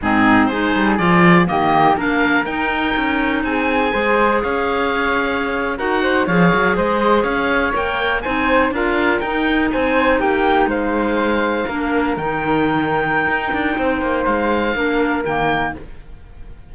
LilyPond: <<
  \new Staff \with { instrumentName = "oboe" } { \time 4/4 \tempo 4 = 122 gis'4 c''4 d''4 dis''4 | f''4 g''2 gis''4~ | gis''4 f''2~ f''8. fis''16~ | fis''8. f''4 dis''4 f''4 g''16~ |
g''8. gis''4 f''4 g''4 gis''16~ | gis''8. g''4 f''2~ f''16~ | f''8. g''2.~ g''16~ | g''4 f''2 g''4 | }
  \new Staff \with { instrumentName = "flute" } { \time 4/4 dis'4 gis'2 g'4 | ais'2. gis'4 | c''4 cis''2~ cis''8. ais'16~ | ais'16 c''8 cis''4 c''4 cis''4~ cis''16~ |
cis''8. c''4 ais'2 c''16~ | c''8. g'4 c''2 ais'16~ | ais'1 | c''2 ais'2 | }
  \new Staff \with { instrumentName = "clarinet" } { \time 4/4 c'4 dis'4 f'4 ais4 | d'4 dis'2. | gis'2.~ gis'8. fis'16~ | fis'8. gis'2. ais'16~ |
ais'8. dis'4 f'4 dis'4~ dis'16~ | dis'2.~ dis'8. d'16~ | d'8. dis'2.~ dis'16~ | dis'2 d'4 ais4 | }
  \new Staff \with { instrumentName = "cello" } { \time 4/4 gis,4 gis8 g8 f4 dis4 | ais4 dis'4 cis'4 c'4 | gis4 cis'2~ cis'8. dis'16~ | dis'8. f8 fis8 gis4 cis'4 ais16~ |
ais8. c'4 d'4 dis'4 c'16~ | c'8. ais4 gis2 ais16~ | ais8. dis2~ dis16 dis'8 d'8 | c'8 ais8 gis4 ais4 dis4 | }
>>